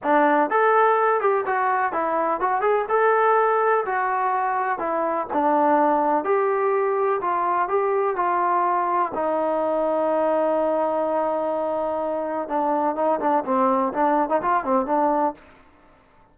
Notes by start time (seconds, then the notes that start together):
0.03 D4
0.50 A4
1.20 G4
1.46 F#4
1.92 E4
2.40 F#4
2.61 G#4
2.88 A4
3.85 F#4
4.78 E4
5.33 D4
6.24 G4
7.21 F4
7.68 G4
8.16 F4
9.14 D#4
12.48 D4
12.95 D#4
13.20 D4
13.44 C4
13.93 D4
14.29 D#4
14.41 F4
14.64 C4
14.86 D4